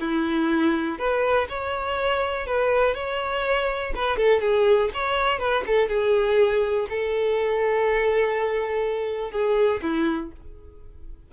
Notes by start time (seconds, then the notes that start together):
0.00 E4
0.99 B4
1.49 C#5
2.47 B4
2.94 C#5
3.95 B4
4.17 A4
4.41 G#4
4.94 C#5
5.39 B4
5.67 A4
5.88 G#4
6.89 A4
9.31 G#4
9.82 E4